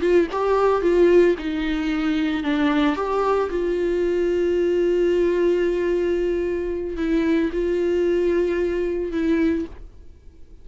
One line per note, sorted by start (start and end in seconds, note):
0.00 0.27 F4
0.31 0.81 G4
0.81 1.35 F4
1.38 2.43 D#4
2.43 2.95 D4
2.95 3.49 G4
3.49 6.97 F4
6.97 7.50 E4
7.52 9.11 F4
9.11 9.65 E4